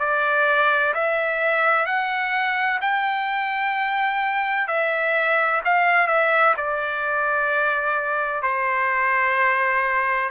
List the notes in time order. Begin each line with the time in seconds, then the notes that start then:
0.00 D5
0.95 E5
1.86 F#5
2.82 G5
4.68 E5
5.65 F5
6.08 E5
6.57 D5
8.43 C5